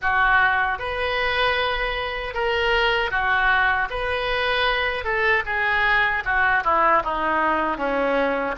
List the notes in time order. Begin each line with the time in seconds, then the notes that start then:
0.01 F#4
0.78 B4
2.34 A#4
3.10 F#4
3.90 B4
5.04 A4
5.45 G#4
6.24 F#4
6.64 E4
7.03 D#4
7.77 C#4